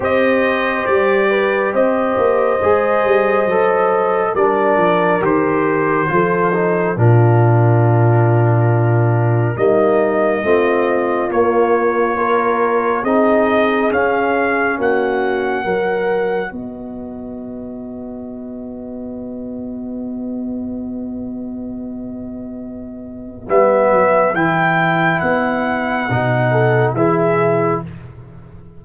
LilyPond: <<
  \new Staff \with { instrumentName = "trumpet" } { \time 4/4 \tempo 4 = 69 dis''4 d''4 dis''2~ | dis''4 d''4 c''2 | ais'2. dis''4~ | dis''4 cis''2 dis''4 |
f''4 fis''2 dis''4~ | dis''1~ | dis''2. e''4 | g''4 fis''2 e''4 | }
  \new Staff \with { instrumentName = "horn" } { \time 4/4 c''4. b'8 c''2~ | c''4 ais'2 a'4 | f'2. dis'4 | f'2 ais'4 gis'4~ |
gis'4 fis'4 ais'4 b'4~ | b'1~ | b'1~ | b'2~ b'8 a'8 gis'4 | }
  \new Staff \with { instrumentName = "trombone" } { \time 4/4 g'2. gis'4 | a'4 d'4 g'4 f'8 dis'8 | d'2. ais4 | c'4 ais4 f'4 dis'4 |
cis'2 fis'2~ | fis'1~ | fis'2. b4 | e'2 dis'4 e'4 | }
  \new Staff \with { instrumentName = "tuba" } { \time 4/4 c'4 g4 c'8 ais8 gis8 g8 | fis4 g8 f8 dis4 f4 | ais,2. g4 | a4 ais2 c'4 |
cis'4 ais4 fis4 b4~ | b1~ | b2. g8 fis8 | e4 b4 b,4 e4 | }
>>